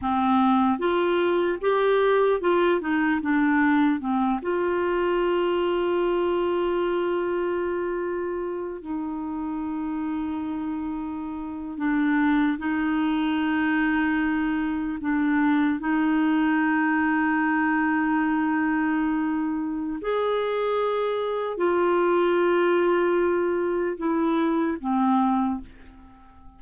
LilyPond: \new Staff \with { instrumentName = "clarinet" } { \time 4/4 \tempo 4 = 75 c'4 f'4 g'4 f'8 dis'8 | d'4 c'8 f'2~ f'8~ | f'2. dis'4~ | dis'2~ dis'8. d'4 dis'16~ |
dis'2~ dis'8. d'4 dis'16~ | dis'1~ | dis'4 gis'2 f'4~ | f'2 e'4 c'4 | }